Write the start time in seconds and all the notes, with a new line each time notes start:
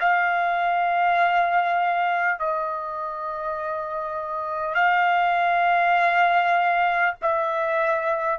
0.00 F5
2.39 D#5
4.75 F5
7.22 E5